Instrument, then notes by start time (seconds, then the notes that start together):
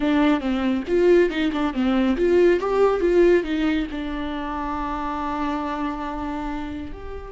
viola
0.00 D4
0.40 C4
0.87 F4
1.29 D#4
1.52 D4
1.73 C4
2.16 F4
2.60 G4
3.00 F4
3.43 D#4
3.91 D4
6.92 G4